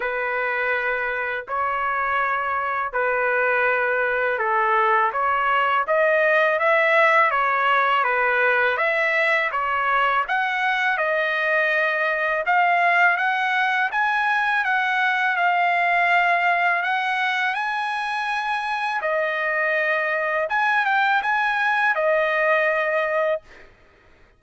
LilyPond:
\new Staff \with { instrumentName = "trumpet" } { \time 4/4 \tempo 4 = 82 b'2 cis''2 | b'2 a'4 cis''4 | dis''4 e''4 cis''4 b'4 | e''4 cis''4 fis''4 dis''4~ |
dis''4 f''4 fis''4 gis''4 | fis''4 f''2 fis''4 | gis''2 dis''2 | gis''8 g''8 gis''4 dis''2 | }